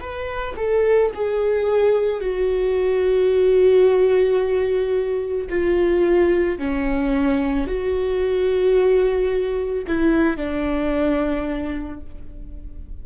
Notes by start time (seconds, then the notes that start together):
0.00 B4
0.57 A4
1.14 G#4
2.20 F#4
5.49 F4
6.58 C#4
7.67 F#4
9.87 E4
10.36 D4